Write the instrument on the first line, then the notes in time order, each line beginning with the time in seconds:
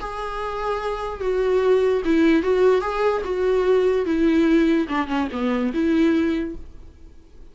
viola
0.00 G#4
1.21 F#4
2.05 E4
2.43 F#4
2.81 G#4
3.24 F#4
4.06 E4
4.89 D4
5.08 C#4
5.32 B3
5.74 E4